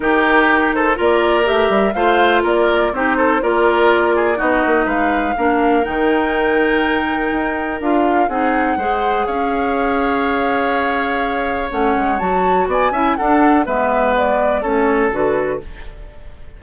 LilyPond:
<<
  \new Staff \with { instrumentName = "flute" } { \time 4/4 \tempo 4 = 123 ais'4. c''8 d''4 e''4 | f''4 d''4 c''4 d''4~ | d''4 dis''4 f''2 | g''1 |
f''4 fis''2 f''4~ | f''1 | fis''4 a''4 gis''4 fis''4 | e''4 d''4 cis''4 b'4 | }
  \new Staff \with { instrumentName = "oboe" } { \time 4/4 g'4. a'8 ais'2 | c''4 ais'4 g'8 a'8 ais'4~ | ais'8 gis'8 fis'4 b'4 ais'4~ | ais'1~ |
ais'4 gis'4 c''4 cis''4~ | cis''1~ | cis''2 d''8 e''8 a'4 | b'2 a'2 | }
  \new Staff \with { instrumentName = "clarinet" } { \time 4/4 dis'2 f'4 g'4 | f'2 dis'4 f'4~ | f'4 dis'2 d'4 | dis'1 |
f'4 dis'4 gis'2~ | gis'1 | cis'4 fis'4. e'8 d'4 | b2 cis'4 fis'4 | }
  \new Staff \with { instrumentName = "bassoon" } { \time 4/4 dis2 ais4 a8 g8 | a4 ais4 c'4 ais4~ | ais4 b8 ais8 gis4 ais4 | dis2. dis'4 |
d'4 c'4 gis4 cis'4~ | cis'1 | a8 gis8 fis4 b8 cis'8 d'4 | gis2 a4 d4 | }
>>